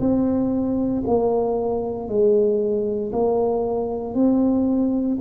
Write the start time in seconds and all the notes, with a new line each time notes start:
0.00 C4
1.07 A#3
2.09 G#3
3.13 A#3
4.15 C4